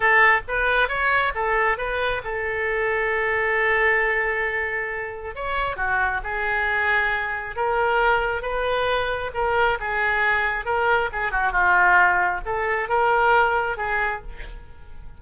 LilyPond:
\new Staff \with { instrumentName = "oboe" } { \time 4/4 \tempo 4 = 135 a'4 b'4 cis''4 a'4 | b'4 a'2.~ | a'1 | cis''4 fis'4 gis'2~ |
gis'4 ais'2 b'4~ | b'4 ais'4 gis'2 | ais'4 gis'8 fis'8 f'2 | a'4 ais'2 gis'4 | }